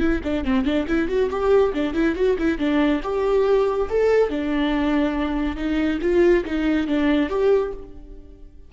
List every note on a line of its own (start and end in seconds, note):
0.00 0.21 E4
0.25 0.45 D4
0.45 0.65 C4
0.65 0.87 D4
0.88 1.09 E4
1.09 1.30 F#4
1.31 1.74 G4
1.74 1.94 D4
1.94 2.16 E4
2.16 2.37 F#4
2.39 2.59 E4
2.59 3.01 D4
3.03 3.89 G4
3.90 4.30 A4
4.30 5.57 D4
5.57 5.99 D#4
6.02 6.45 F4
6.45 6.87 D#4
6.87 7.30 D4
7.30 7.73 G4